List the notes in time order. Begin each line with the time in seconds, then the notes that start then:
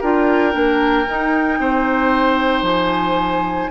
0.00 D4 F4 A#4 G5
0.52 A#3 D4
1.08 D#4
1.59 C4 C5
2.62 F3 G#5